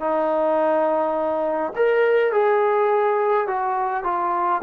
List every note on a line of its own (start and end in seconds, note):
0.00 1.73 D#4
1.76 2.32 A#4
2.32 3.47 G#4
3.47 4.04 F#4
4.04 4.62 F4